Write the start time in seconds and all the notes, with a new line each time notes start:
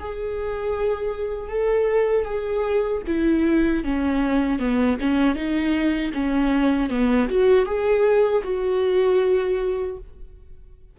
0.00 G#4
1.49 A4
2.25 G#4
3.07 E4
3.84 C#4
4.59 B3
5.01 C#4
5.36 D#4
6.14 C#4
6.90 B3
7.29 F#4
7.66 G#4
8.44 F#4